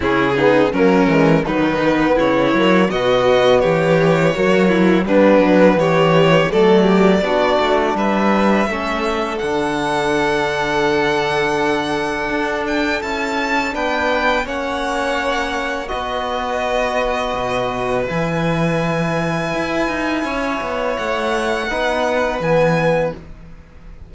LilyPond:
<<
  \new Staff \with { instrumentName = "violin" } { \time 4/4 \tempo 4 = 83 gis'4 ais'4 b'4 cis''4 | dis''4 cis''2 b'4 | cis''4 d''2 e''4~ | e''4 fis''2.~ |
fis''4. g''8 a''4 g''4 | fis''2 dis''2~ | dis''4 gis''2.~ | gis''4 fis''2 gis''4 | }
  \new Staff \with { instrumentName = "violin" } { \time 4/4 e'8 dis'8 cis'4 dis'4 e'4 | fis'4 g'4 fis'8 e'8 d'4 | g'4 a'8 g'8 fis'4 b'4 | a'1~ |
a'2. b'4 | cis''2 b'2~ | b'1 | cis''2 b'2 | }
  \new Staff \with { instrumentName = "trombone" } { \time 4/4 cis'8 b8 ais8 gis8 fis8 b4 ais8 | b2 ais4 b4~ | b4 a4 d'2 | cis'4 d'2.~ |
d'2 e'4 d'4 | cis'2 fis'2~ | fis'4 e'2.~ | e'2 dis'4 b4 | }
  \new Staff \with { instrumentName = "cello" } { \time 4/4 cis4 fis8 e8 dis4 cis8 fis8 | b,4 e4 fis4 g8 fis8 | e4 fis4 b8 a8 g4 | a4 d2.~ |
d4 d'4 cis'4 b4 | ais2 b2 | b,4 e2 e'8 dis'8 | cis'8 b8 a4 b4 e4 | }
>>